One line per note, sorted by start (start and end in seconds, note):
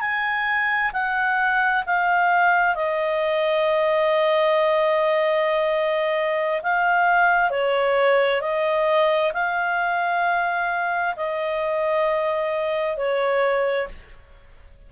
0.00 0.91 G#5
0.93 1.84 F#5
1.86 2.75 F5
2.75 6.61 D#5
6.63 7.50 F5
7.50 8.41 C#5
8.41 9.32 D#5
9.33 11.15 F5
11.16 12.97 D#5
12.97 13.88 C#5